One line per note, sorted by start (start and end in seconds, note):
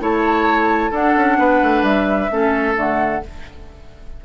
0.00 0.91 A3
0.00 0.92 E4
0.00 0.91 C#5
0.00 0.94 A5
0.91 1.14 D4
0.91 2.29 D4
0.91 1.37 A4
0.91 1.84 F#5
1.16 1.38 C#4
1.38 1.61 B3
1.38 2.31 B4
1.62 1.82 A3
1.82 2.28 G3
1.82 2.76 E5
2.31 2.76 A3
2.31 2.75 C#4
2.31 3.25 A4
2.75 3.22 D3
2.75 3.21 A3
2.75 3.25 F#5